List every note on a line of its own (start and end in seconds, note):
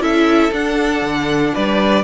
0.00 0.50 C#4
0.00 0.51 E4
0.00 1.53 A4
0.00 0.53 E5
0.52 1.02 D4
0.52 2.03 D4
0.52 1.55 F#5
1.02 1.52 D3
1.54 2.04 G3
1.54 2.04 B4
1.54 2.04 D5